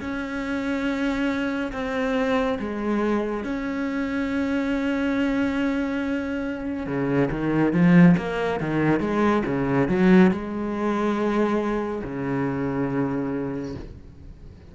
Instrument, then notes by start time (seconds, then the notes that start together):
cello
0.00 C#4
1.72 C4
2.59 G#3
3.44 C#4
6.86 C#3
7.31 D#3
7.73 F3
8.17 A#3
8.60 D#3
9.00 G#3
9.45 C#3
9.88 F#3
10.31 G#3
12.04 C#3